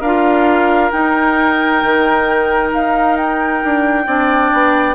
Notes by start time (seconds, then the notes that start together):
0.00 D4 F4 A#4 F5
0.91 D#4 G5
1.83 D#3
2.73 D#4 F5
3.17 G5
3.64 D4
4.06 C4 D4 D5
4.53 B3